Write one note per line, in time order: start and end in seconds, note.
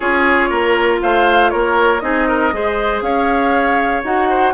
0.00 0.50 C#4
0.00 2.01 F4
0.00 0.49 G#4
0.00 0.98 C#5
0.49 1.01 A#3
0.49 1.00 A#4
1.01 1.53 A3
1.01 1.51 C5
1.01 1.49 F5
1.49 2.02 A#3
1.49 2.01 A#4
1.49 2.00 C#5
2.00 2.52 C4
2.00 2.51 D#4
2.00 2.28 G#4
2.00 3.00 D#5
2.28 2.53 A#4
2.52 3.01 G#3
2.52 4.03 G#4
2.52 3.04 C5
3.01 4.02 C#4
3.01 4.29 C#5
3.01 4.02 F5
4.03 4.53 D#4
4.03 4.53 F#4
4.03 4.53 F#5
4.29 4.53 C5